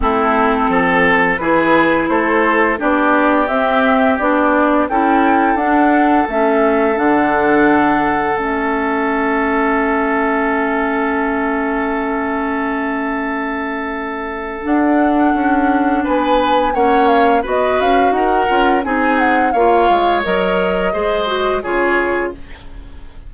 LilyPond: <<
  \new Staff \with { instrumentName = "flute" } { \time 4/4 \tempo 4 = 86 a'2 b'4 c''4 | d''4 e''4 d''4 g''4 | fis''4 e''4 fis''2 | e''1~ |
e''1~ | e''4 fis''2 gis''4 | fis''8 f''8 dis''8 f''8 fis''4 gis''8 fis''8 | f''4 dis''2 cis''4 | }
  \new Staff \with { instrumentName = "oboe" } { \time 4/4 e'4 a'4 gis'4 a'4 | g'2. a'4~ | a'1~ | a'1~ |
a'1~ | a'2. b'4 | cis''4 b'4 ais'4 gis'4 | cis''2 c''4 gis'4 | }
  \new Staff \with { instrumentName = "clarinet" } { \time 4/4 c'2 e'2 | d'4 c'4 d'4 e'4 | d'4 cis'4 d'2 | cis'1~ |
cis'1~ | cis'4 d'2. | cis'4 fis'4. f'8 dis'4 | f'4 ais'4 gis'8 fis'8 f'4 | }
  \new Staff \with { instrumentName = "bassoon" } { \time 4/4 a4 f4 e4 a4 | b4 c'4 b4 cis'4 | d'4 a4 d2 | a1~ |
a1~ | a4 d'4 cis'4 b4 | ais4 b8 cis'8 dis'8 cis'8 c'4 | ais8 gis8 fis4 gis4 cis4 | }
>>